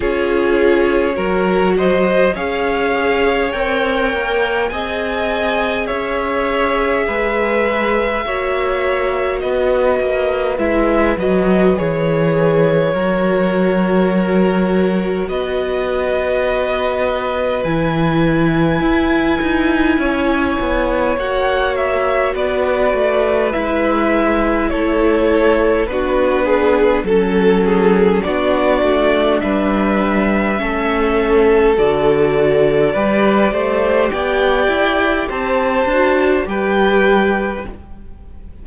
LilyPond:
<<
  \new Staff \with { instrumentName = "violin" } { \time 4/4 \tempo 4 = 51 cis''4. dis''8 f''4 g''4 | gis''4 e''2. | dis''4 e''8 dis''8 cis''2~ | cis''4 dis''2 gis''4~ |
gis''2 fis''8 e''8 d''4 | e''4 cis''4 b'4 a'4 | d''4 e''2 d''4~ | d''4 g''4 a''4 g''4 | }
  \new Staff \with { instrumentName = "violin" } { \time 4/4 gis'4 ais'8 c''8 cis''2 | dis''4 cis''4 b'4 cis''4 | b'2. ais'4~ | ais'4 b'2.~ |
b'4 cis''2 b'4~ | b'4 a'4 fis'8 gis'8 a'8 gis'8 | fis'4 b'4 a'2 | b'8 c''8 d''4 c''4 b'4 | }
  \new Staff \with { instrumentName = "viola" } { \time 4/4 f'4 fis'4 gis'4 ais'4 | gis'2. fis'4~ | fis'4 e'8 fis'8 gis'4 fis'4~ | fis'2. e'4~ |
e'2 fis'2 | e'2 d'4 cis'4 | d'2 cis'4 fis'4 | g'2~ g'8 fis'8 g'4 | }
  \new Staff \with { instrumentName = "cello" } { \time 4/4 cis'4 fis4 cis'4 c'8 ais8 | c'4 cis'4 gis4 ais4 | b8 ais8 gis8 fis8 e4 fis4~ | fis4 b2 e4 |
e'8 dis'8 cis'8 b8 ais4 b8 a8 | gis4 a4 b4 fis4 | b8 a8 g4 a4 d4 | g8 a8 b8 e'8 c'8 d'8 g4 | }
>>